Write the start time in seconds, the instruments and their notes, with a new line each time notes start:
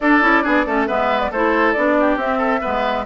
0.00 bassoon D4, clarinet D4, oboe A4, flute D5
0.22 bassoon C#4, clarinet E4
0.43 bassoon B3, clarinet D4, oboe G#4
0.66 bassoon A3, clarinet C#4, oboe A4
0.87 bassoon G#3, clarinet B3, oboe B4, flute E5
1.20 flute D5
1.31 bassoon A3, clarinet E4, oboe A4, flute C5
1.72 bassoon B3, clarinet D4, flute D5
2.00 oboe G4
2.16 bassoon C4, clarinet C4, flute E5
2.38 oboe A4
2.61 bassoon G#3, clarinet B3, oboe B4